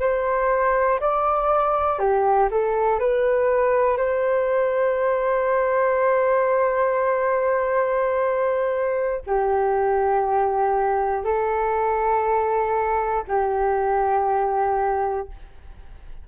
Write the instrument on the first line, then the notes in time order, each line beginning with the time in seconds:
flute
0.00 C5
1.00 D5
1.99 G4
2.51 A4
3.00 B4
3.97 C5
9.26 G4
11.24 A4
13.28 G4